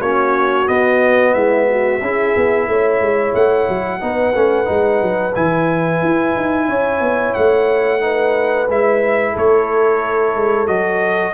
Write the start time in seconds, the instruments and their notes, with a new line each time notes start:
0.00 tuba A#3, trombone C#4, horn F#4, trumpet C#5
0.67 trombone B3, tuba B3, trumpet D#5
1.34 tuba G#3, horn E4, trumpet E5
1.69 horn F#4
2.02 tuba C#4, trombone E4, horn G#4
2.37 tuba B3
2.68 tuba A3, horn C#5
3.01 tuba G#3
3.35 tuba A3, trumpet F#5
3.69 tuba F#3
4.00 tuba B3, trombone D#4, horn B4
4.35 tuba A3, trombone C#4
4.65 tuba G#3, trombone D#4
5.02 tuba F#3
5.35 tuba E3, trombone E4, trumpet G#5
6.03 tuba E4
6.37 tuba D#4
6.68 tuba C#4, horn C#5
7.01 tuba B3
7.34 tuba A3, trumpet F#5
8.01 trombone D#4, horn B4
8.69 tuba G#3, trombone E4, trumpet E5
9.33 tuba A3, horn A4, trumpet C#5
10.36 tuba G#3
10.67 tuba F#3, trombone F#4, trumpet D#5